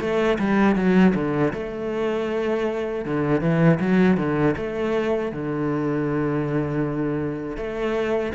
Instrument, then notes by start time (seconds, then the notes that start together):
cello
0.00 A3
0.39 G3
0.76 F#3
1.15 D3
1.54 A3
3.05 D3
3.41 E3
3.80 F#3
4.17 D3
4.57 A3
5.32 D3
7.57 A3